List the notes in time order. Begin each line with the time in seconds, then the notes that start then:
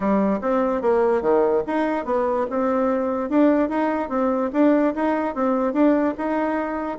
0.00 G3
0.41 C4
0.81 A#3
1.21 D#3
1.66 D#4
2.05 B3
2.49 C4
3.29 D4
3.69 D#4
4.09 C4
4.52 D4
4.95 D#4
5.34 C4
5.73 D4
6.17 D#4